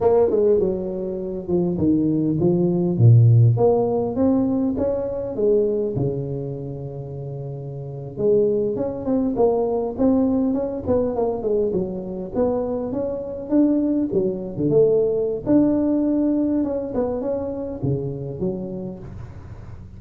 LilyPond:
\new Staff \with { instrumentName = "tuba" } { \time 4/4 \tempo 4 = 101 ais8 gis8 fis4. f8 dis4 | f4 ais,4 ais4 c'4 | cis'4 gis4 cis2~ | cis4.~ cis16 gis4 cis'8 c'8 ais16~ |
ais8. c'4 cis'8 b8 ais8 gis8 fis16~ | fis8. b4 cis'4 d'4 fis16~ | fis8 d16 a4~ a16 d'2 | cis'8 b8 cis'4 cis4 fis4 | }